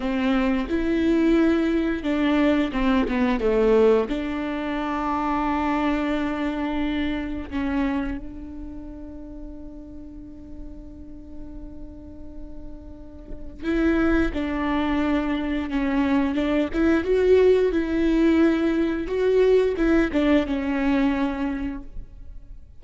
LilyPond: \new Staff \with { instrumentName = "viola" } { \time 4/4 \tempo 4 = 88 c'4 e'2 d'4 | c'8 b8 a4 d'2~ | d'2. cis'4 | d'1~ |
d'1 | e'4 d'2 cis'4 | d'8 e'8 fis'4 e'2 | fis'4 e'8 d'8 cis'2 | }